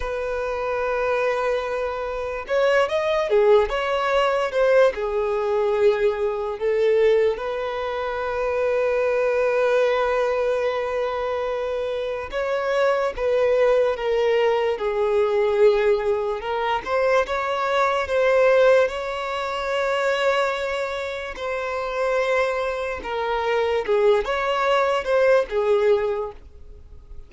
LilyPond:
\new Staff \with { instrumentName = "violin" } { \time 4/4 \tempo 4 = 73 b'2. cis''8 dis''8 | gis'8 cis''4 c''8 gis'2 | a'4 b'2.~ | b'2. cis''4 |
b'4 ais'4 gis'2 | ais'8 c''8 cis''4 c''4 cis''4~ | cis''2 c''2 | ais'4 gis'8 cis''4 c''8 gis'4 | }